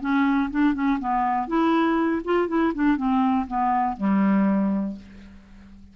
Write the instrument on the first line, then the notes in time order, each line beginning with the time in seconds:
clarinet
0.00 C#4
0.51 D4
0.74 C#4
1.00 B3
1.48 E4
2.24 F4
2.48 E4
2.74 D4
2.97 C4
3.47 B3
3.96 G3